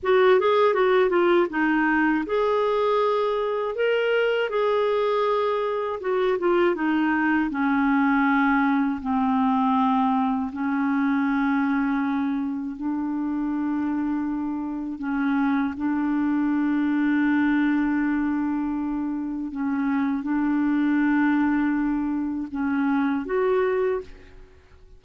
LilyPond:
\new Staff \with { instrumentName = "clarinet" } { \time 4/4 \tempo 4 = 80 fis'8 gis'8 fis'8 f'8 dis'4 gis'4~ | gis'4 ais'4 gis'2 | fis'8 f'8 dis'4 cis'2 | c'2 cis'2~ |
cis'4 d'2. | cis'4 d'2.~ | d'2 cis'4 d'4~ | d'2 cis'4 fis'4 | }